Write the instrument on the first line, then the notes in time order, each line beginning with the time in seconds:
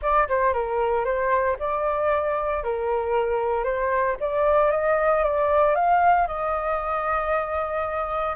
flute
0.02 D5
0.28 C5
0.53 A#4
1.04 C5
1.59 D5
2.63 A#4
3.64 C5
4.20 D5
4.71 D#5
5.23 D5
5.75 F5
6.27 D#5